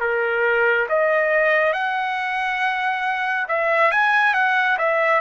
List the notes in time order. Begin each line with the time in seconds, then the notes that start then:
0.00 A#4
0.89 D#5
1.73 F#5
3.48 E5
3.91 G#5
4.34 F#5
4.78 E5